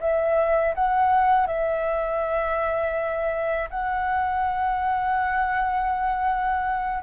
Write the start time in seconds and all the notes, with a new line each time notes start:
0.00 E5
0.75 F#5
1.47 E5
3.70 F#5